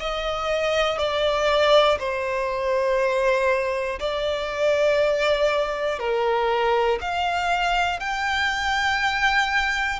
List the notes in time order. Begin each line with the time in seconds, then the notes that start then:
0.00 D#5
0.99 D5
1.99 C5
4.00 D5
5.99 A#4
7.01 F5
8.00 G5